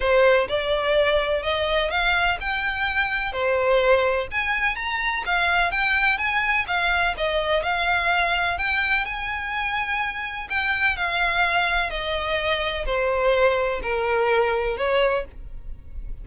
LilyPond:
\new Staff \with { instrumentName = "violin" } { \time 4/4 \tempo 4 = 126 c''4 d''2 dis''4 | f''4 g''2 c''4~ | c''4 gis''4 ais''4 f''4 | g''4 gis''4 f''4 dis''4 |
f''2 g''4 gis''4~ | gis''2 g''4 f''4~ | f''4 dis''2 c''4~ | c''4 ais'2 cis''4 | }